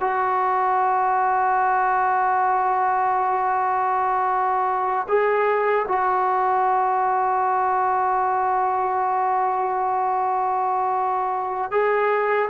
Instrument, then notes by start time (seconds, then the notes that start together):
trombone
0.00 F#4
5.08 G#4
5.88 F#4
11.71 G#4